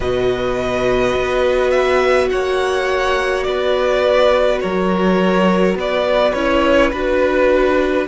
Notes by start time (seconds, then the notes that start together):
0.00 B2 F#4 B4 D#5
1.15 B3
1.70 E5
2.29 A#3 C#5 F#5
3.43 B3 B4 D5
4.60 F#3 A#4 C#5
5.75 B3 B4 D5
6.33 C#4 E4 C#5
6.91 D4 F#4 B4